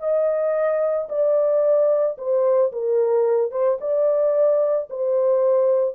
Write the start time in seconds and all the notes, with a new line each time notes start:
0.00 D#5
1.09 D5
2.18 C5
2.73 A#4
3.52 C5
3.81 D5
4.90 C5